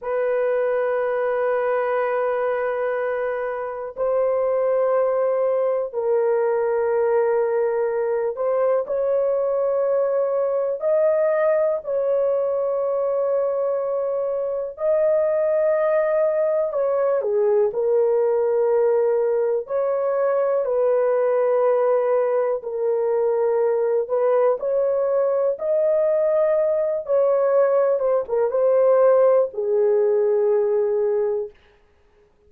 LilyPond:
\new Staff \with { instrumentName = "horn" } { \time 4/4 \tempo 4 = 61 b'1 | c''2 ais'2~ | ais'8 c''8 cis''2 dis''4 | cis''2. dis''4~ |
dis''4 cis''8 gis'8 ais'2 | cis''4 b'2 ais'4~ | ais'8 b'8 cis''4 dis''4. cis''8~ | cis''8 c''16 ais'16 c''4 gis'2 | }